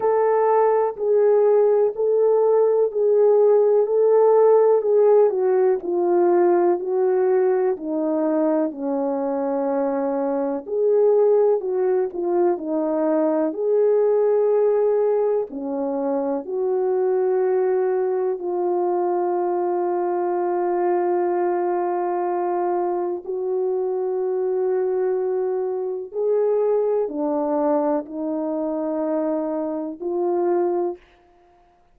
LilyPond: \new Staff \with { instrumentName = "horn" } { \time 4/4 \tempo 4 = 62 a'4 gis'4 a'4 gis'4 | a'4 gis'8 fis'8 f'4 fis'4 | dis'4 cis'2 gis'4 | fis'8 f'8 dis'4 gis'2 |
cis'4 fis'2 f'4~ | f'1 | fis'2. gis'4 | d'4 dis'2 f'4 | }